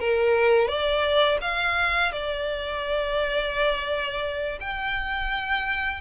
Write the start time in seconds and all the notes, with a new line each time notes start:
0.00 A#4
0.68 D5
1.41 F5
2.12 D5
4.60 G5